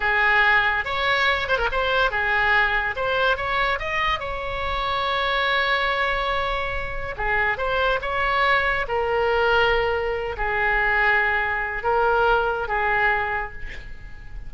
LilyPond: \new Staff \with { instrumentName = "oboe" } { \time 4/4 \tempo 4 = 142 gis'2 cis''4. c''16 ais'16 | c''4 gis'2 c''4 | cis''4 dis''4 cis''2~ | cis''1~ |
cis''4 gis'4 c''4 cis''4~ | cis''4 ais'2.~ | ais'8 gis'2.~ gis'8 | ais'2 gis'2 | }